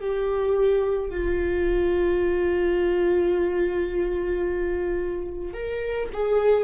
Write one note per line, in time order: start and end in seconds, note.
0.00 1.10 G4
1.10 5.54 F4
5.54 6.09 A#4
6.13 6.64 G#4